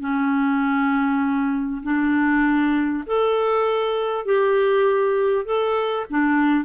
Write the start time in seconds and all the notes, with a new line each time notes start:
0.00 C#4
1.83 D4
3.06 A4
4.25 G4
5.45 A4
6.10 D4